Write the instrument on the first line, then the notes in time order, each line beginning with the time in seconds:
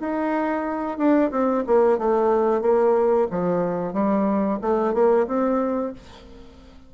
bassoon
0.00 D#4
0.98 D4
1.31 C4
1.67 A#3
1.99 A3
2.62 A#3
3.31 F3
3.94 G3
4.62 A3
4.94 A#3
5.27 C4